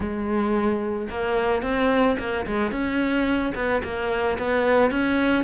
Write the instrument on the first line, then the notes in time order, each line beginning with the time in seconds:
cello
0.00 G#3
1.09 A#3
1.62 C4
2.18 A#3
2.46 G#3
2.71 C#4
3.54 B3
3.83 A#3
4.38 B3
4.91 C#4